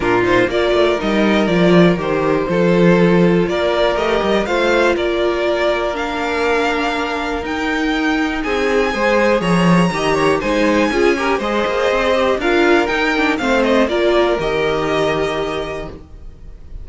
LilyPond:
<<
  \new Staff \with { instrumentName = "violin" } { \time 4/4 \tempo 4 = 121 ais'8 c''8 d''4 dis''4 d''4 | c''2. d''4 | dis''4 f''4 d''2 | f''2. g''4~ |
g''4 gis''2 ais''4~ | ais''4 gis''2 dis''4~ | dis''4 f''4 g''4 f''8 dis''8 | d''4 dis''2. | }
  \new Staff \with { instrumentName = "violin" } { \time 4/4 f'4 ais'2.~ | ais'4 a'2 ais'4~ | ais'4 c''4 ais'2~ | ais'1~ |
ais'4 gis'4 c''4 cis''4 | dis''8 cis''8 c''4 gis'8 ais'8 c''4~ | c''4 ais'2 c''4 | ais'1 | }
  \new Staff \with { instrumentName = "viola" } { \time 4/4 d'8 dis'8 f'4 dis'4 f'4 | g'4 f'2. | g'4 f'2. | d'2. dis'4~ |
dis'2 gis'2 | g'4 dis'4 f'8 g'8 gis'4~ | gis'8 g'8 f'4 dis'8 d'8 c'4 | f'4 g'2. | }
  \new Staff \with { instrumentName = "cello" } { \time 4/4 ais,4 ais8 a8 g4 f4 | dis4 f2 ais4 | a8 g8 a4 ais2~ | ais2. dis'4~ |
dis'4 c'4 gis4 f4 | dis4 gis4 cis'4 gis8 ais8 | c'4 d'4 dis'4 a4 | ais4 dis2. | }
>>